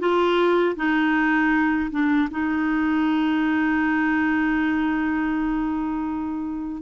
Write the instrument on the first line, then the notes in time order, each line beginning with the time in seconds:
clarinet
0.00 F4
0.76 D#4
1.91 D4
2.31 D#4